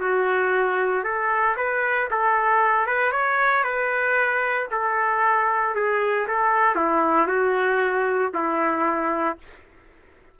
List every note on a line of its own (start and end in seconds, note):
0.00 1.04 F#4
1.04 1.56 A4
1.57 2.09 B4
2.11 2.87 A4
2.87 3.12 B4
3.12 3.64 C#5
3.64 4.68 B4
4.71 5.75 A4
5.75 6.27 G#4
6.28 6.76 A4
6.76 7.28 E4
7.28 8.32 F#4
8.34 9.38 E4